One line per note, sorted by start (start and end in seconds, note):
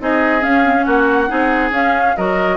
0.00 0.43 C4
0.00 0.41 D#4
0.00 0.86 G#4
0.00 0.43 D#5
0.41 0.63 C#4
0.41 0.86 C#4
0.41 0.84 F5
0.64 0.75 C4
0.75 1.28 C#4
0.84 1.30 A#3
0.84 1.29 F#4
0.84 1.71 F#5
1.28 1.71 C4
1.28 1.71 D#4
1.28 2.16 G#4
1.71 2.14 C#4
1.71 2.17 C#4
1.71 2.17 F5
2.17 2.57 F#3
2.17 2.57 F#4
2.17 2.57 A#4
2.17 2.57 D#5